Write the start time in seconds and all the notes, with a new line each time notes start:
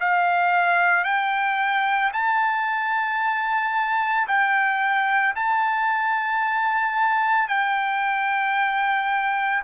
0.00 F5
1.04 G5
2.13 A5
4.27 G5
5.35 A5
7.48 G5